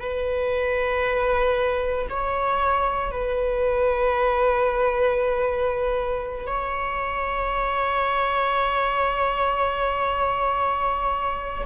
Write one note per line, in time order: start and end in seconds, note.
0.00 2.07 B4
2.09 3.11 C#5
3.11 6.47 B4
6.47 11.64 C#5